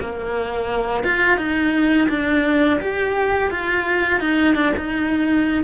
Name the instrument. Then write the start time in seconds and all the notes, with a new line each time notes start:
cello
0.00 A#3
1.03 F4
1.37 D#4
2.09 D4
2.80 G4
3.50 F4
4.20 D#4
4.54 D4
4.77 D#4